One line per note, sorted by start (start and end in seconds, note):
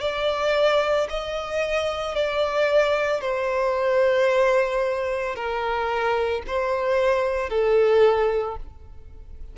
0.00 1.07 D5
1.09 2.15 D#5
2.15 3.21 D5
3.21 5.35 C5
5.35 6.42 A#4
6.47 7.49 C5
7.49 8.56 A4